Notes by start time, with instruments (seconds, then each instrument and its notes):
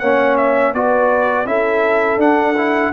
0.00 tuba A#3, trombone C#4, horn C#5, trumpet F#5
0.37 trumpet E5
0.74 tuba B3, trombone F#4, horn B4, trumpet D5
1.45 tuba C#4, trombone E4, horn A4, trumpet E5
2.18 tuba D4, trombone D4, trumpet F#5
2.58 trombone E4